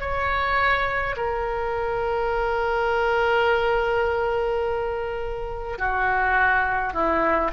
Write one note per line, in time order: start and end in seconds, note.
0.00 1.15 C#5
1.17 5.78 A#4
5.78 6.93 F#4
6.93 7.51 E4